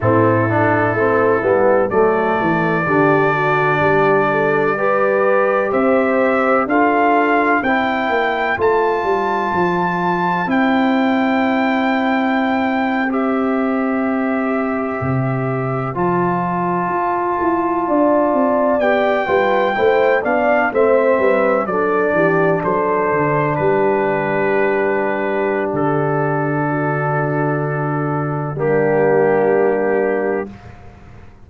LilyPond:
<<
  \new Staff \with { instrumentName = "trumpet" } { \time 4/4 \tempo 4 = 63 a'2 d''2~ | d''2 e''4 f''4 | g''4 a''2 g''4~ | g''4.~ g''16 e''2~ e''16~ |
e''8. a''2. g''16~ | g''4~ g''16 f''8 e''4 d''4 c''16~ | c''8. b'2~ b'16 a'4~ | a'2 g'2 | }
  \new Staff \with { instrumentName = "horn" } { \time 4/4 e'2 a'4 g'8 fis'8 | g'8 a'8 b'4 c''4 a'4 | c''1~ | c''1~ |
c''2~ c''8. d''4~ d''16~ | d''16 b'8 c''8 d''8 c''8 b'8 a'8 g'8 a'16~ | a'8. g'2.~ g'16 | fis'2 d'2 | }
  \new Staff \with { instrumentName = "trombone" } { \time 4/4 c'8 d'8 c'8 b8 a4 d'4~ | d'4 g'2 f'4 | e'4 f'2 e'4~ | e'4.~ e'16 g'2~ g'16~ |
g'8. f'2. g'16~ | g'16 f'8 e'8 d'8 c'4 d'4~ d'16~ | d'1~ | d'2 ais2 | }
  \new Staff \with { instrumentName = "tuba" } { \time 4/4 a,4 a8 g8 fis8 e8 d4 | g2 c'4 d'4 | c'8 ais8 a8 g8 f4 c'4~ | c'2.~ c'8. c16~ |
c8. f4 f'8 e'8 d'8 c'8 b16~ | b16 g8 a8 b8 a8 g8 fis8 e8 fis16~ | fis16 d8 g2~ g16 d4~ | d2 g2 | }
>>